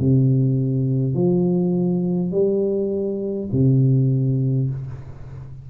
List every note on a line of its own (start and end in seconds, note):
0.00 1.14 C3
1.14 2.32 F3
2.32 3.50 G3
3.52 4.70 C3